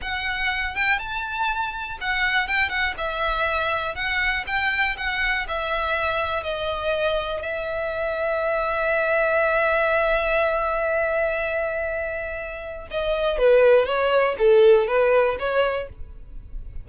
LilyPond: \new Staff \with { instrumentName = "violin" } { \time 4/4 \tempo 4 = 121 fis''4. g''8 a''2 | fis''4 g''8 fis''8 e''2 | fis''4 g''4 fis''4 e''4~ | e''4 dis''2 e''4~ |
e''1~ | e''1~ | e''2 dis''4 b'4 | cis''4 a'4 b'4 cis''4 | }